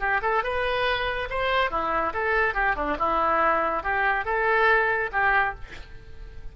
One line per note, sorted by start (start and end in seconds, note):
0.00 0.21 G4
0.22 0.43 A4
0.44 1.29 B4
1.30 1.71 C5
1.71 2.13 E4
2.13 2.54 A4
2.54 2.76 G4
2.76 2.97 D4
2.99 3.83 E4
3.83 4.25 G4
4.25 5.10 A4
5.12 5.55 G4